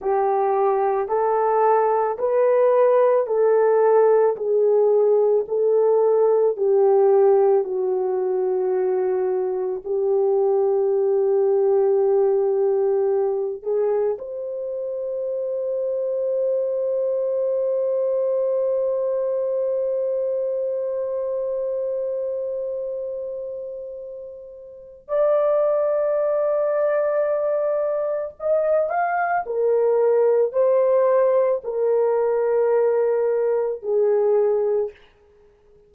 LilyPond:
\new Staff \with { instrumentName = "horn" } { \time 4/4 \tempo 4 = 55 g'4 a'4 b'4 a'4 | gis'4 a'4 g'4 fis'4~ | fis'4 g'2.~ | g'8 gis'8 c''2.~ |
c''1~ | c''2. d''4~ | d''2 dis''8 f''8 ais'4 | c''4 ais'2 gis'4 | }